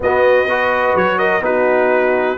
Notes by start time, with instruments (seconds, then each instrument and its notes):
0.00 tuba B3, trombone B3, horn F#4, trumpet D#5
0.48 trombone F#4, horn B4
0.94 tuba F#3, trumpet C#5
1.18 horn A#4, trumpet D#5
1.41 tuba B3, trombone D#4, horn F#4, trumpet B4